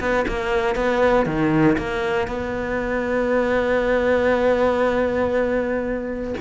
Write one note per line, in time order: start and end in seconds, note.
0.00 0.25 B3
0.28 0.76 A#3
0.76 1.26 B3
1.26 1.77 D#3
1.78 2.28 A#3
2.28 6.34 B3